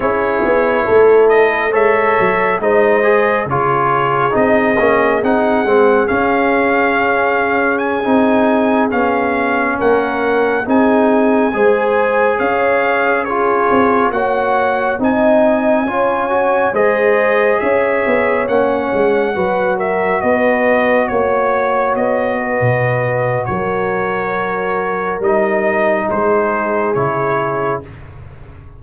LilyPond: <<
  \new Staff \with { instrumentName = "trumpet" } { \time 4/4 \tempo 4 = 69 cis''4. dis''8 e''4 dis''4 | cis''4 dis''4 fis''4 f''4~ | f''4 gis''4~ gis''16 f''4 fis''8.~ | fis''16 gis''2 f''4 cis''8.~ |
cis''16 fis''4 gis''2 dis''8.~ | dis''16 e''4 fis''4. e''8 dis''8.~ | dis''16 cis''4 dis''4.~ dis''16 cis''4~ | cis''4 dis''4 c''4 cis''4 | }
  \new Staff \with { instrumentName = "horn" } { \time 4/4 gis'4 a'4 cis''4 c''4 | gis'1~ | gis'2.~ gis'16 ais'8.~ | ais'16 gis'4 c''4 cis''4 gis'8.~ |
gis'16 cis''4 dis''4 cis''4 c''8.~ | c''16 cis''2 b'8 ais'8 b'8.~ | b'16 cis''4. b'4~ b'16 ais'4~ | ais'2 gis'2 | }
  \new Staff \with { instrumentName = "trombone" } { \time 4/4 e'2 a'4 dis'8 gis'8 | f'4 dis'8 cis'8 dis'8 c'8 cis'4~ | cis'4~ cis'16 dis'4 cis'4.~ cis'16~ | cis'16 dis'4 gis'2 f'8.~ |
f'16 fis'4 dis'4 f'8 fis'8 gis'8.~ | gis'4~ gis'16 cis'4 fis'4.~ fis'16~ | fis'1~ | fis'4 dis'2 e'4 | }
  \new Staff \with { instrumentName = "tuba" } { \time 4/4 cis'8 b8 a4 gis8 fis8 gis4 | cis4 c'8 ais8 c'8 gis8 cis'4~ | cis'4~ cis'16 c'4 b4 ais8.~ | ais16 c'4 gis4 cis'4. c'16~ |
c'16 ais4 c'4 cis'4 gis8.~ | gis16 cis'8 b8 ais8 gis8 fis4 b8.~ | b16 ais4 b8. b,4 fis4~ | fis4 g4 gis4 cis4 | }
>>